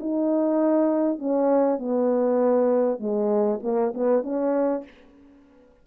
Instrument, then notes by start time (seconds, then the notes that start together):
horn
0.00 D#4
1.19 C#4
1.79 B3
2.99 G#3
3.63 A#3
3.94 B3
4.23 C#4